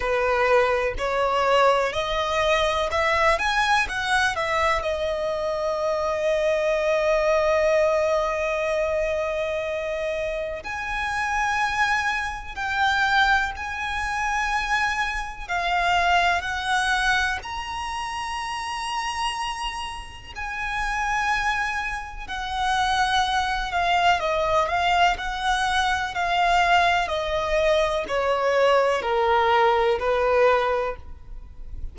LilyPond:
\new Staff \with { instrumentName = "violin" } { \time 4/4 \tempo 4 = 62 b'4 cis''4 dis''4 e''8 gis''8 | fis''8 e''8 dis''2.~ | dis''2. gis''4~ | gis''4 g''4 gis''2 |
f''4 fis''4 ais''2~ | ais''4 gis''2 fis''4~ | fis''8 f''8 dis''8 f''8 fis''4 f''4 | dis''4 cis''4 ais'4 b'4 | }